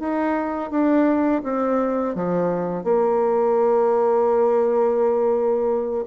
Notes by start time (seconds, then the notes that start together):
0.00 D#4
0.71 D4
1.44 C4
2.15 F3
2.84 A#3